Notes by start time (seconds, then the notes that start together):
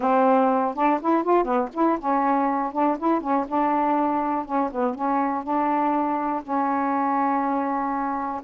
0.00 C4
0.74 D4
1.01 E4
1.23 F4
1.44 B3
1.73 E4
1.99 C#4
2.72 D4
2.98 E4
3.21 C#4
3.48 D4
4.45 C#4
4.71 B3
4.94 C#4
5.43 D4
6.43 C#4